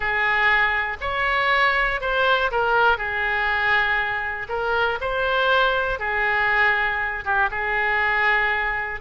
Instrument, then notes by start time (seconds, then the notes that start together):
oboe
0.00 G#4
1.00 C#5
2.00 C5
2.51 A#4
2.97 G#4
4.49 A#4
5.00 C5
5.99 G#4
7.24 G4
7.50 G#4